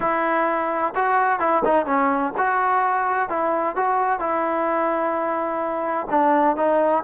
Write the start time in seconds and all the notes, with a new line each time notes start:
0.00 E4
0.95 F#4
1.39 E4
1.64 D#4
1.86 C#4
2.37 F#4
3.29 E4
3.76 F#4
4.19 E4
6.09 D4
6.56 D#4